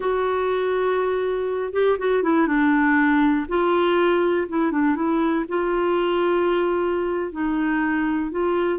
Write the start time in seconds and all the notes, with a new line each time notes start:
0.00 F#4
1.72 G4
1.98 F#4
2.22 E4
2.47 D4
3.48 F4
4.48 E4
4.71 D4
4.95 E4
5.48 F4
7.32 D#4
8.31 F4